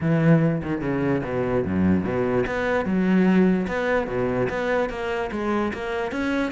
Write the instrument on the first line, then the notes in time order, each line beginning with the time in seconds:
cello
0.00 E3
0.62 D#3
0.81 C#3
1.24 B2
1.65 F#2
2.04 B2
2.46 B3
2.85 F#3
3.67 B3
4.07 B2
4.49 B3
4.89 A#3
5.31 G#3
5.73 A#3
6.11 C#4